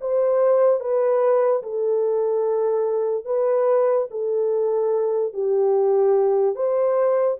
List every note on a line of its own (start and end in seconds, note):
0.00 0.80 C5
0.80 1.62 B4
1.62 3.25 A4
3.25 4.07 B4
4.10 5.33 A4
5.33 6.55 G4
6.55 7.37 C5